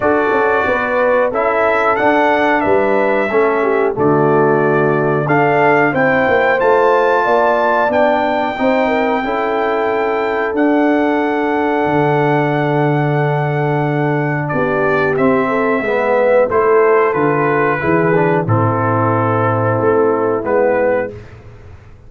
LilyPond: <<
  \new Staff \with { instrumentName = "trumpet" } { \time 4/4 \tempo 4 = 91 d''2 e''4 fis''4 | e''2 d''2 | f''4 g''4 a''2 | g''1 |
fis''1~ | fis''2 d''4 e''4~ | e''4 c''4 b'2 | a'2. b'4 | }
  \new Staff \with { instrumentName = "horn" } { \time 4/4 a'4 b'4 a'2 | b'4 a'8 g'8 fis'2 | a'4 c''2 d''4~ | d''4 c''8 ais'8 a'2~ |
a'1~ | a'2 g'4. a'8 | b'4 a'2 gis'4 | e'1 | }
  \new Staff \with { instrumentName = "trombone" } { \time 4/4 fis'2 e'4 d'4~ | d'4 cis'4 a2 | d'4 e'4 f'2 | d'4 dis'4 e'2 |
d'1~ | d'2. c'4 | b4 e'4 f'4 e'8 d'8 | c'2. b4 | }
  \new Staff \with { instrumentName = "tuba" } { \time 4/4 d'8 cis'8 b4 cis'4 d'4 | g4 a4 d2 | d'4 c'8 ais8 a4 ais4 | b4 c'4 cis'2 |
d'2 d2~ | d2 b4 c'4 | gis4 a4 d4 e4 | a,2 a4 gis4 | }
>>